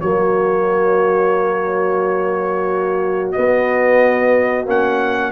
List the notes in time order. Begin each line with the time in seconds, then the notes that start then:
0.00 F#3 A#3 F#4 C#5
3.31 B3 D#5
4.66 A#3 C#4 F#5